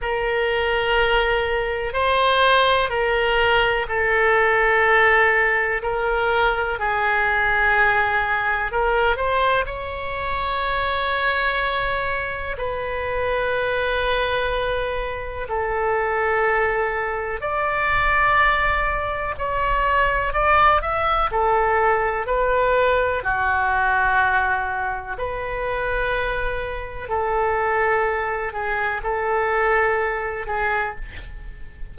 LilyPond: \new Staff \with { instrumentName = "oboe" } { \time 4/4 \tempo 4 = 62 ais'2 c''4 ais'4 | a'2 ais'4 gis'4~ | gis'4 ais'8 c''8 cis''2~ | cis''4 b'2. |
a'2 d''2 | cis''4 d''8 e''8 a'4 b'4 | fis'2 b'2 | a'4. gis'8 a'4. gis'8 | }